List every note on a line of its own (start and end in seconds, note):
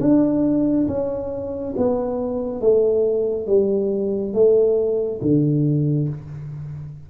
0.00 0.87 D4
0.87 1.74 C#4
1.76 2.60 B3
2.60 3.47 A3
3.47 4.33 G3
4.33 5.20 A3
5.21 6.08 D3